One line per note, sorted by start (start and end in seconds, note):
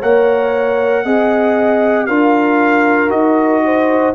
0.00 1.05 A#3
0.00 1.05 A#4
0.00 1.03 C#5
0.00 2.06 F#5
1.05 2.08 C4
1.05 2.08 G#4
1.05 2.08 D#5
2.06 3.11 D4
2.06 3.09 F4
2.06 3.63 A#4
2.06 3.10 F5
3.09 4.14 D#4
3.09 4.13 F#4
3.09 4.14 D#5
3.65 4.15 C5